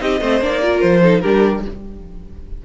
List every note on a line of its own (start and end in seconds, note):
0.00 0.21 C4
0.00 0.20 D#4
0.00 0.20 G4
0.00 0.43 D#5
0.20 0.41 A3
0.20 0.43 C4
0.20 0.61 C5
0.41 0.82 A#3
0.41 0.51 D4
0.41 0.81 D5
0.51 0.62 D#4
0.61 1.03 F4
0.61 1.02 A#4
0.81 1.24 F3
0.81 1.20 C5
1.03 1.23 D#4
1.03 1.23 A4
1.20 1.65 G3
1.20 1.65 D4
1.20 1.63 G4
1.20 1.61 A#4